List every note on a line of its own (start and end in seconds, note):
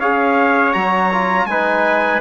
0.00 0.75 C#4
0.00 0.74 G#4
0.00 1.48 C#5
0.00 0.73 F5
0.73 1.46 F#3
0.73 1.11 F#4
0.73 1.46 A#5
1.12 1.49 F4
1.46 2.20 G#3
1.46 2.22 D#4
1.46 2.22 B4
1.46 2.21 G#5